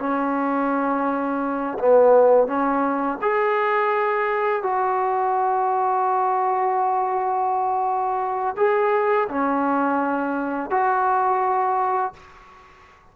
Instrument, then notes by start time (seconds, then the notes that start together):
trombone
0.00 C#4
1.79 B3
2.48 C#4
3.22 G#4
4.63 F#4
8.57 G#4
9.30 C#4
10.71 F#4